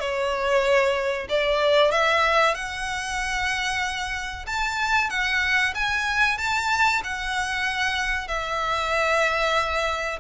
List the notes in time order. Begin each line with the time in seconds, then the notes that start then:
0.00 C#5
1.29 D5
1.92 E5
2.55 F#5
4.47 A5
5.10 F#5
5.75 G#5
6.38 A5
7.04 F#5
8.28 E5